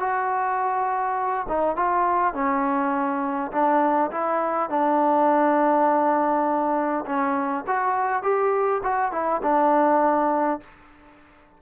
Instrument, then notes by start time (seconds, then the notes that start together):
trombone
0.00 F#4
1.49 D#4
1.76 F4
2.34 C#4
3.52 D4
4.11 E4
4.70 D4
7.06 C#4
7.67 F#4
8.23 G4
8.84 F#4
9.12 E4
9.43 D4